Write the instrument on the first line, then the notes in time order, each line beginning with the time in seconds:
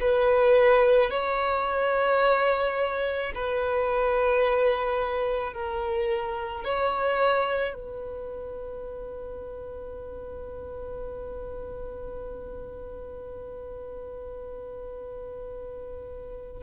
violin
0.00 B4
1.10 C#5
3.34 B4
5.53 A#4
6.64 C#5
7.74 B4